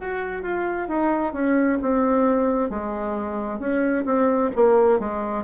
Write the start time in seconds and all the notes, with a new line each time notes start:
0.00 F#4
0.43 F4
0.88 D#4
1.33 C#4
1.81 C4
2.69 G#3
3.59 C#4
4.05 C4
4.55 A#3
4.99 G#3